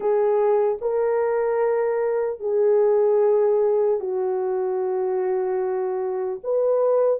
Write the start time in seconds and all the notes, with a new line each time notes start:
0.00 G#4
0.81 A#4
2.40 G#4
4.00 F#4
6.43 B4